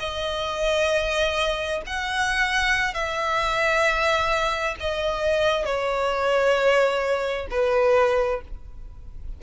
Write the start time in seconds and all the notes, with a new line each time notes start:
0.00 D#5
1.87 F#5
2.94 E5
4.81 D#5
5.66 C#5
7.51 B4